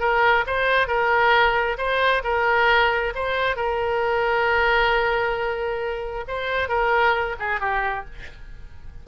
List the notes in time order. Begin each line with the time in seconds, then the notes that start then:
0.00 A#4
0.46 C5
0.88 A#4
1.78 C5
2.24 A#4
3.15 C5
3.56 A#4
6.28 C5
6.69 A#4
7.39 G#4
7.60 G4